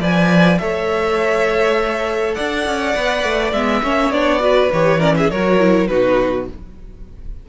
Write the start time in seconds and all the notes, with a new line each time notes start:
0.00 F3 B4 D5 G#5
0.59 A3 A4 C#5 E5
2.35 D4 D5 F#5
2.66 C#4
2.95 B3 B4
3.23 A3
3.53 G#3 B3 E5
3.83 A#3 C#4 C#5
4.11 B3 D4 D5
4.40 F#4 B4
4.73 E3 G4 C#5
4.99 C#4 A#4 D5
5.17 G#4 E5
5.31 F#3 F#4 A#4 C#5
5.60 E4
5.88 B2 D#4 F#4 B4